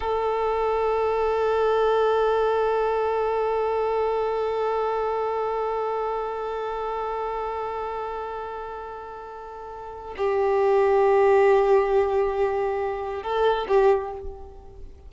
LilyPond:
\new Staff \with { instrumentName = "violin" } { \time 4/4 \tempo 4 = 136 a'1~ | a'1~ | a'1~ | a'1~ |
a'1~ | a'2. g'4~ | g'1~ | g'2 a'4 g'4 | }